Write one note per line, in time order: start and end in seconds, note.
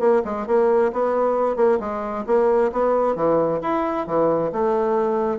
0.00 0.22 A#3
0.25 0.47 G#3
0.47 0.92 A#3
0.93 1.56 B3
1.56 1.79 A#3
1.80 2.25 G#3
2.27 2.72 A#3
2.73 3.15 B3
3.15 3.60 E3
3.62 4.07 E4
4.07 4.52 E3
4.52 5.39 A3